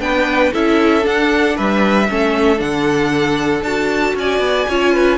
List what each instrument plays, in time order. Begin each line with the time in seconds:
0.00 cello B3, viola D4, violin B4 G5
0.53 cello C#4, viola E4, violin A4 E5
1.02 viola D4, cello D4, violin F#5
1.56 cello G3, violin B4 E5
2.09 cello A3, viola C#4, violin A4
2.57 cello D3, viola D4, violin F#5
3.62 cello D4, viola F#4, violin A5
4.15 cello C#4, violin D5 G#5
4.40 cello B3
4.69 cello C#4, viola F4, violin C#5
4.93 violin B4